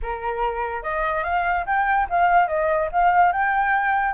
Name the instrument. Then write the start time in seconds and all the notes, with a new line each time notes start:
flute
0.02 A#4
0.82 D#5
1.23 F5
1.66 G5
2.09 F5
2.47 D#5
2.92 F5
3.32 G5